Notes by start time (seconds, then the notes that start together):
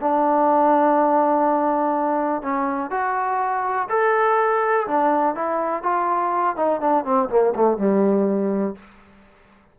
0.00 D4
2.42 C#4
2.90 F#4
3.89 A4
4.87 D4
5.35 E4
5.82 F4
6.56 D#4
6.80 D4
7.04 C4
7.29 A#3
7.55 A3
7.78 G3